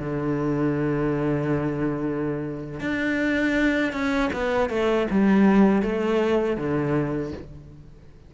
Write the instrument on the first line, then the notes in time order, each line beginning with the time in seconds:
cello
0.00 D3
2.81 D4
3.93 C#4
4.34 B3
4.70 A3
5.11 G3
5.83 A3
6.58 D3